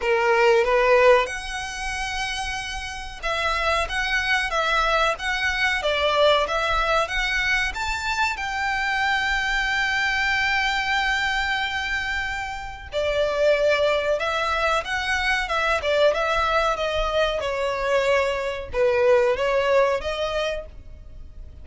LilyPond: \new Staff \with { instrumentName = "violin" } { \time 4/4 \tempo 4 = 93 ais'4 b'4 fis''2~ | fis''4 e''4 fis''4 e''4 | fis''4 d''4 e''4 fis''4 | a''4 g''2.~ |
g''1 | d''2 e''4 fis''4 | e''8 d''8 e''4 dis''4 cis''4~ | cis''4 b'4 cis''4 dis''4 | }